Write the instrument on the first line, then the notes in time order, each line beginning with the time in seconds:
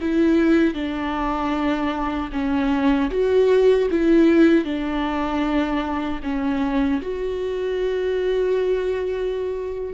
viola
0.00 E4
0.74 D4
2.32 C#4
3.10 F#4
3.90 E4
4.64 D4
6.23 C#4
7.01 F#4